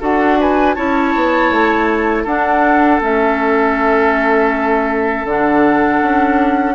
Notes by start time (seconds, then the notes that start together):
0.00 D4 F#4 A4 F#5
0.40 B4 G#5
0.74 C#4 E4 C#5 A5
1.15 B3
1.50 A3
2.24 D4 A4 F#5
3.00 A3 C#4 E5
5.25 D3 D4 F#5
6.02 C#4